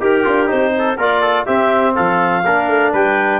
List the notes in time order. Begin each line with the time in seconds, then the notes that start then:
0.00 D#4 G4 A#4
0.24 D4 F4
0.47 C4 D#4 C5
0.78 A4
0.97 A#3 F4 A#4 D5
1.21 A4
1.46 C4 G4 E5
1.95 F3 A4 F5
2.45 A#3 D4 A#4
2.68 A3
2.92 G3 B4 G5